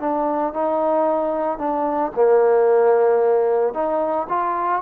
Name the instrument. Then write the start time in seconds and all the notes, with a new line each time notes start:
trombone
0.00 D4
0.54 D#4
1.59 D4
2.16 A#3
3.74 D#4
4.29 F4